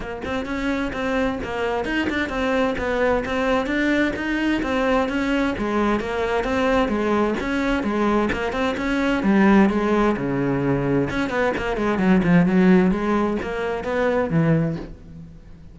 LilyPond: \new Staff \with { instrumentName = "cello" } { \time 4/4 \tempo 4 = 130 ais8 c'8 cis'4 c'4 ais4 | dis'8 d'8 c'4 b4 c'4 | d'4 dis'4 c'4 cis'4 | gis4 ais4 c'4 gis4 |
cis'4 gis4 ais8 c'8 cis'4 | g4 gis4 cis2 | cis'8 b8 ais8 gis8 fis8 f8 fis4 | gis4 ais4 b4 e4 | }